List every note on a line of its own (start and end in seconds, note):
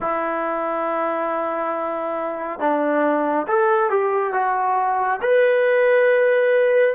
0.00 2.59 E4
2.59 3.46 D4
3.47 3.89 A4
3.89 4.33 G4
4.33 5.20 F#4
5.21 6.94 B4